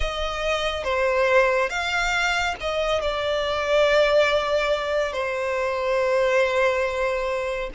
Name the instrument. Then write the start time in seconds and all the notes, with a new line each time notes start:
violin
0.00 D#5
0.84 C5
1.69 F5
2.60 D#5
3.01 D5
5.12 C5